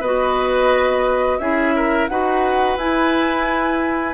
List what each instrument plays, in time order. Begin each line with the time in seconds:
0.00 bassoon B3, clarinet F#4, oboe B4, flute D#5
1.39 bassoon C#4, clarinet E4, oboe G#4, flute E5
1.76 oboe A#4
2.08 bassoon D#4, clarinet F#4, oboe B4, flute F#5
2.77 bassoon E4, clarinet E4, flute G#5